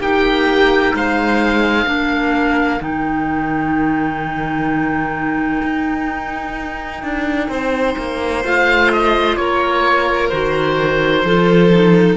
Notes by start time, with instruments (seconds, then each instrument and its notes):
0.00 cello A#3, clarinet D#4, violin G4, oboe G5
0.95 cello G#3, violin C5, oboe F5
1.86 cello A#3, clarinet D4, violin A#4
2.80 cello D#3, clarinet D#4, oboe G5
5.63 cello D#4
7.03 cello D4
7.49 cello C4, violin C5
7.99 cello A#3
8.45 cello A3, clarinet F4, oboe F5
8.93 oboe D#5
9.37 cello A#3, violin A#4, oboe C#5
10.29 cello D#3, clarinet F#4, oboe C5
11.24 cello F3, clarinet F4, violin A4
11.72 clarinet D#4